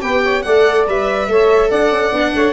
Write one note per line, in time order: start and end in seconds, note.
0.00 0.44 B3
0.00 0.42 G4
0.00 0.22 B4
0.00 0.42 G5
0.23 0.44 C#5
0.42 0.87 A3
0.42 0.88 A4
0.42 1.28 D5
0.42 0.84 F#5
0.87 1.28 G3
0.87 1.29 B4
0.87 1.70 E5
1.28 1.70 A3
1.28 2.13 A4
1.28 1.69 C#5
1.69 1.90 D4
1.69 2.32 D5
1.69 2.52 F#5
1.90 2.11 C#4
2.12 2.33 B3
2.12 2.52 D4
2.34 2.52 A3
2.34 2.52 C#5